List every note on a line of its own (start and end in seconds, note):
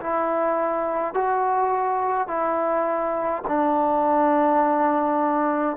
0.00 1.14 E4
1.14 2.28 F#4
2.28 3.43 E4
3.48 5.77 D4